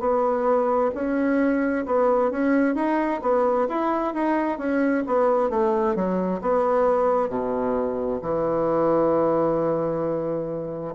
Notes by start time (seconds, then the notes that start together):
0.00 B3
0.95 C#4
1.86 B3
2.31 C#4
2.76 D#4
3.22 B3
3.69 E4
4.14 D#4
4.59 C#4
5.07 B3
5.50 A3
5.95 F#3
6.42 B3
7.29 B2
8.22 E3